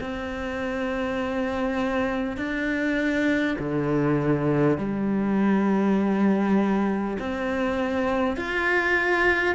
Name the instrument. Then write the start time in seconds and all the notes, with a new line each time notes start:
cello
0.00 C4
2.37 D4
3.59 D3
4.77 G3
7.19 C4
8.37 F4